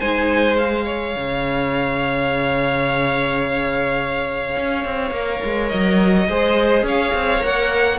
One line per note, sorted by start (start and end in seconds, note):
0.00 1.16 G#3
0.00 0.59 D#4
0.00 0.86 C5
0.00 0.57 G#5
0.58 5.13 G#4
0.58 5.69 F5
0.86 6.28 C#5
1.16 4.57 C#3
4.57 4.85 C#4
4.85 5.11 C4
5.11 5.40 A#3
5.11 6.27 A#4
5.44 5.73 G#3
5.69 6.28 F#3
5.69 6.83 D#5
6.28 6.83 G#3
6.28 7.40 G#4
6.28 6.86 C5
6.83 7.12 C#4
6.83 7.99 C#5
6.83 7.45 F5
7.14 7.43 C4
7.40 7.99 A#3
7.40 7.97 A#4
7.40 7.99 F#5